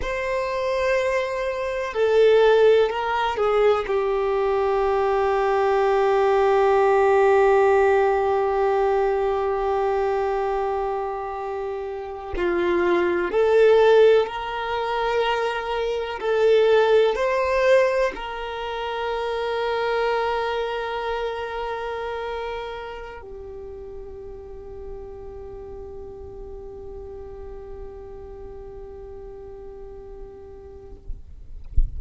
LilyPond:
\new Staff \with { instrumentName = "violin" } { \time 4/4 \tempo 4 = 62 c''2 a'4 ais'8 gis'8 | g'1~ | g'1~ | g'8. f'4 a'4 ais'4~ ais'16~ |
ais'8. a'4 c''4 ais'4~ ais'16~ | ais'1 | g'1~ | g'1 | }